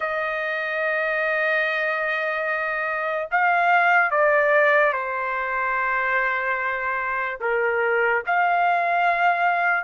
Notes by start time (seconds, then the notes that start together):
0.00 D#5
3.31 F5
4.11 D5
4.92 C5
7.40 A#4
8.26 F5